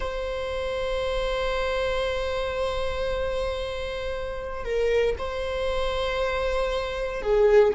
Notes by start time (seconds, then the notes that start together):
0.00 C5
4.64 A#4
5.18 C5
7.22 G#4